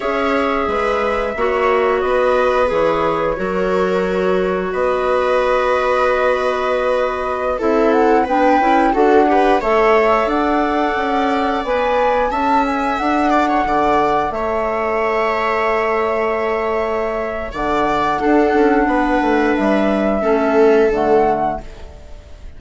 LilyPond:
<<
  \new Staff \with { instrumentName = "flute" } { \time 4/4 \tempo 4 = 89 e''2. dis''4 | cis''2. dis''4~ | dis''2.~ dis''16 e''8 fis''16~ | fis''16 g''4 fis''4 e''4 fis''8.~ |
fis''4~ fis''16 gis''4 a''8 gis''8 fis''8.~ | fis''4~ fis''16 e''2~ e''8.~ | e''2 fis''2~ | fis''4 e''2 fis''4 | }
  \new Staff \with { instrumentName = "viola" } { \time 4/4 cis''4 b'4 cis''4 b'4~ | b'4 ais'2 b'4~ | b'2.~ b'16 a'8.~ | a'16 b'4 a'8 b'8 cis''4 d''8.~ |
d''2~ d''16 e''4. d''16 | cis''16 d''4 cis''2~ cis''8.~ | cis''2 d''4 a'4 | b'2 a'2 | }
  \new Staff \with { instrumentName = "clarinet" } { \time 4/4 gis'2 fis'2 | gis'4 fis'2.~ | fis'2.~ fis'16 e'8.~ | e'16 d'8 e'8 fis'8 g'8 a'4.~ a'16~ |
a'4~ a'16 b'4 a'4.~ a'16~ | a'1~ | a'2. d'4~ | d'2 cis'4 a4 | }
  \new Staff \with { instrumentName = "bassoon" } { \time 4/4 cis'4 gis4 ais4 b4 | e4 fis2 b4~ | b2.~ b16 c'8.~ | c'16 b8 cis'8 d'4 a4 d'8.~ |
d'16 cis'4 b4 cis'4 d'8.~ | d'16 d4 a2~ a8.~ | a2 d4 d'8 cis'8 | b8 a8 g4 a4 d4 | }
>>